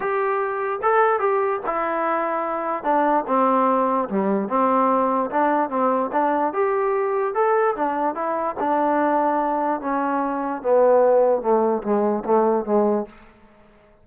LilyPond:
\new Staff \with { instrumentName = "trombone" } { \time 4/4 \tempo 4 = 147 g'2 a'4 g'4 | e'2. d'4 | c'2 g4 c'4~ | c'4 d'4 c'4 d'4 |
g'2 a'4 d'4 | e'4 d'2. | cis'2 b2 | a4 gis4 a4 gis4 | }